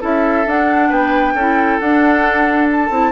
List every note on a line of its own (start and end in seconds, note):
0.00 0.46 C#4
0.00 0.44 E4
0.00 0.89 A4
0.00 0.49 E5
0.46 0.90 D4
0.46 1.38 D4
0.46 0.92 F#5
0.89 1.34 B3
0.89 1.33 B4
0.89 1.79 G5
1.34 1.78 C#4
1.34 1.81 E4
1.34 3.12 A4
1.79 2.90 D4
1.79 2.68 F#5
2.71 3.12 A5
2.90 3.12 C4
2.90 3.12 E4